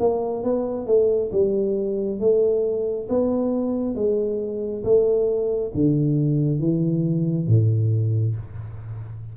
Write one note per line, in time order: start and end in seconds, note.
0.00 0.44 A#3
0.44 0.87 B3
0.87 1.32 A3
1.32 2.20 G3
2.20 3.08 A3
3.10 3.96 B3
3.96 4.84 G#3
4.84 5.72 A3
5.75 6.60 D3
6.60 7.48 E3
7.48 8.36 A2